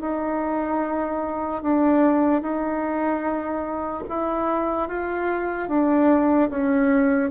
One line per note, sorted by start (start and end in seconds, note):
0.00 1.62 D#4
1.62 2.41 D4
2.41 4.03 D#4
4.09 4.88 E4
4.88 5.68 F4
5.68 6.49 D4
6.50 7.30 C#4